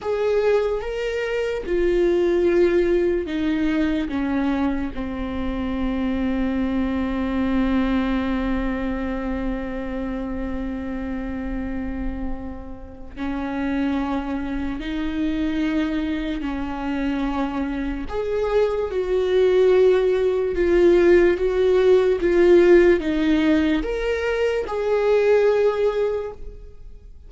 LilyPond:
\new Staff \with { instrumentName = "viola" } { \time 4/4 \tempo 4 = 73 gis'4 ais'4 f'2 | dis'4 cis'4 c'2~ | c'1~ | c'1 |
cis'2 dis'2 | cis'2 gis'4 fis'4~ | fis'4 f'4 fis'4 f'4 | dis'4 ais'4 gis'2 | }